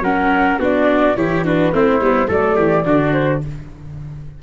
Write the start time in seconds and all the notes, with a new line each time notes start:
0.00 F#3 C#4 A#4 F#5
0.59 B3 D4 F#4 D5
1.16 E3 E4 G4 C#5
1.45 D4 F#4 B4
1.72 A3 C4 E4 C5
2.00 G3 B3
2.27 F#3 A3 A4 D5
2.56 E3 G4
2.85 D3 D4 F#4
3.12 C5